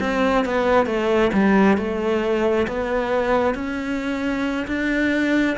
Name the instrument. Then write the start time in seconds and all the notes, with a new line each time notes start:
cello
0.00 C4
0.45 B3
0.86 A3
1.33 G3
1.77 A3
2.67 B3
3.55 C#4
4.67 D4